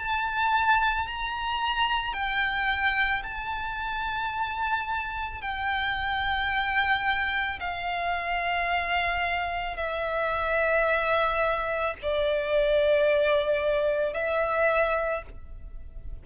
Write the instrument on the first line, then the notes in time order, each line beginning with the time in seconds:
violin
0.00 A5
1.08 A#5
2.14 G5
3.24 A5
5.42 G5
7.61 F5
9.77 E5
12.02 D5
14.14 E5